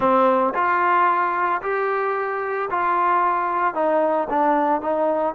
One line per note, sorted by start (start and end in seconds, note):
0.00 0.53 C4
0.54 1.61 F4
1.62 2.69 G4
2.70 3.74 F4
3.74 4.28 D#4
4.29 4.81 D4
4.81 5.34 D#4